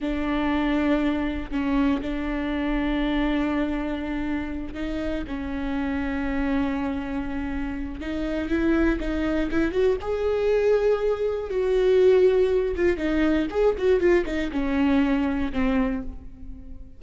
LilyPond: \new Staff \with { instrumentName = "viola" } { \time 4/4 \tempo 4 = 120 d'2. cis'4 | d'1~ | d'4. dis'4 cis'4.~ | cis'1 |
dis'4 e'4 dis'4 e'8 fis'8 | gis'2. fis'4~ | fis'4. f'8 dis'4 gis'8 fis'8 | f'8 dis'8 cis'2 c'4 | }